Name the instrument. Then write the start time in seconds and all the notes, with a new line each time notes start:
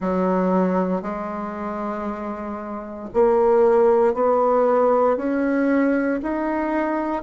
bassoon
0.00 F#3
1.02 G#3
3.13 A#3
4.14 B3
5.16 C#4
6.22 D#4